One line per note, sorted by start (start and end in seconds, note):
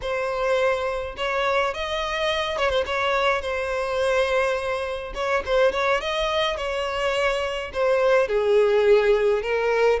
0.01 1.15 C5
1.16 1.74 C#5
1.74 2.58 D#5
2.58 2.69 C#5
2.69 2.84 C5
2.86 3.41 C#5
3.41 5.13 C5
5.14 5.43 C#5
5.45 5.72 C5
5.72 6.00 C#5
6.00 6.57 D#5
6.57 7.71 C#5
7.73 8.28 C5
8.28 9.42 G#4
9.42 9.99 A#4